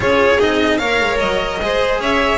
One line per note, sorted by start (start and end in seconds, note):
0.00 0.39 C#4
0.00 0.38 F4
0.00 0.78 G#4
0.00 0.40 C#5
0.39 0.80 C4
0.39 0.79 D#4
0.39 0.77 D#5
0.77 1.00 A#3
0.77 1.59 A#4
0.77 1.58 C#5
0.77 1.17 F5
1.00 1.20 G#3
1.19 1.60 F#3
1.19 1.99 D#5
1.60 1.98 G#3
1.60 2.38 G#4
1.60 2.01 C5
1.98 2.38 C#4
1.98 2.38 C#5
1.98 2.38 E5